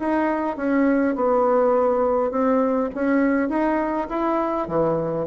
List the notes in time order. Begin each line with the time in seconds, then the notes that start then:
0.00 D#4
0.57 C#4
1.16 B3
2.31 C4
2.95 C#4
3.49 D#4
4.10 E4
4.68 E3